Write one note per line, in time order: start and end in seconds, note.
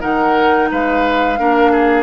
0.00 0.71 D#3
0.00 1.36 D#4
0.00 0.69 A#4
0.00 0.69 F#5
0.71 1.39 G#3
0.71 1.39 B4
0.71 2.03 F5
1.38 2.03 A#3
1.38 2.03 D4
1.38 1.71 A#4
1.71 2.03 G#4